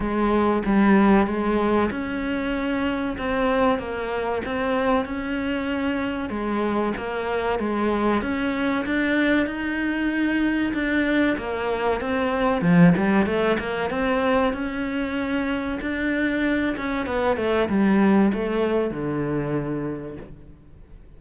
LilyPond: \new Staff \with { instrumentName = "cello" } { \time 4/4 \tempo 4 = 95 gis4 g4 gis4 cis'4~ | cis'4 c'4 ais4 c'4 | cis'2 gis4 ais4 | gis4 cis'4 d'4 dis'4~ |
dis'4 d'4 ais4 c'4 | f8 g8 a8 ais8 c'4 cis'4~ | cis'4 d'4. cis'8 b8 a8 | g4 a4 d2 | }